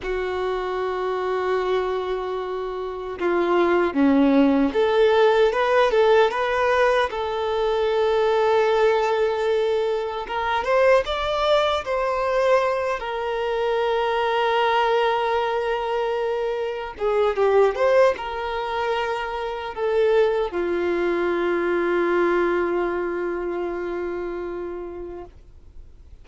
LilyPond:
\new Staff \with { instrumentName = "violin" } { \time 4/4 \tempo 4 = 76 fis'1 | f'4 cis'4 a'4 b'8 a'8 | b'4 a'2.~ | a'4 ais'8 c''8 d''4 c''4~ |
c''8 ais'2.~ ais'8~ | ais'4. gis'8 g'8 c''8 ais'4~ | ais'4 a'4 f'2~ | f'1 | }